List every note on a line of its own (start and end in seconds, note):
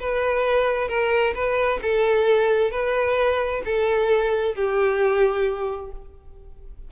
0.00 0.89 B4
0.89 1.34 A#4
1.35 1.80 B4
1.82 2.71 A4
2.71 3.62 B4
3.65 4.55 A4
4.55 5.92 G4